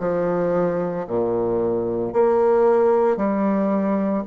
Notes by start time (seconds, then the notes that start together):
0.00 F3
1.08 A#2
2.13 A#3
3.17 G3